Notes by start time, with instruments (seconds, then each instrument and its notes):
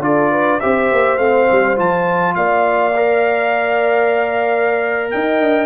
0.00 tuba D4, trombone F4, horn A4, trumpet D5
0.31 horn B4
0.59 tuba C4, trombone G4, horn C5, trumpet E5
0.92 tuba A#3
1.17 tuba A3, trombone C4, trumpet F5
1.51 tuba G3
1.75 tuba F3, trombone F4, trumpet A5
2.34 tuba A#3, horn D5, trumpet F5
2.96 trombone A#4
5.10 tuba D#4, horn D#5, trumpet G5
5.40 tuba D4